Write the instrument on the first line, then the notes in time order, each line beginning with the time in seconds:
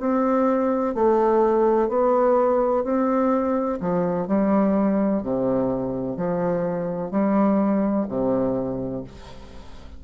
bassoon
0.00 C4
0.94 A3
1.89 B3
2.84 C4
3.80 F3
4.27 G3
5.23 C3
6.17 F3
7.11 G3
8.09 C3